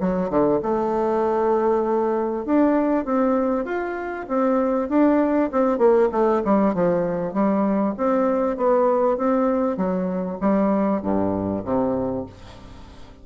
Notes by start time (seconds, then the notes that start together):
0.00 F#3
0.29 D3
0.62 A3
2.45 D4
3.04 C4
3.65 F4
4.28 C4
4.88 D4
5.51 C4
5.78 A#3
6.11 A3
6.44 G3
6.74 F3
7.33 G3
7.97 C4
8.57 B3
9.17 C4
9.77 F#3
10.41 G3
11.02 G2
11.64 C3